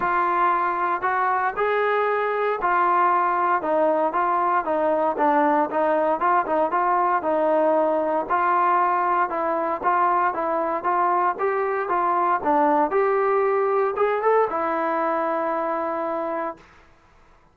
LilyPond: \new Staff \with { instrumentName = "trombone" } { \time 4/4 \tempo 4 = 116 f'2 fis'4 gis'4~ | gis'4 f'2 dis'4 | f'4 dis'4 d'4 dis'4 | f'8 dis'8 f'4 dis'2 |
f'2 e'4 f'4 | e'4 f'4 g'4 f'4 | d'4 g'2 gis'8 a'8 | e'1 | }